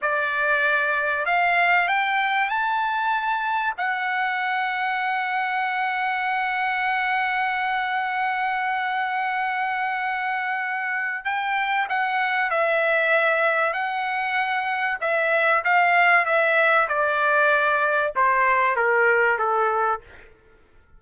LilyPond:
\new Staff \with { instrumentName = "trumpet" } { \time 4/4 \tempo 4 = 96 d''2 f''4 g''4 | a''2 fis''2~ | fis''1~ | fis''1~ |
fis''2 g''4 fis''4 | e''2 fis''2 | e''4 f''4 e''4 d''4~ | d''4 c''4 ais'4 a'4 | }